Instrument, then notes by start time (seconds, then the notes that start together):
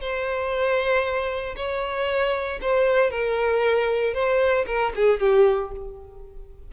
violin
0.00 C5
1.56 C#5
2.61 C5
3.10 A#4
4.13 C5
4.66 A#4
4.95 G#4
5.19 G4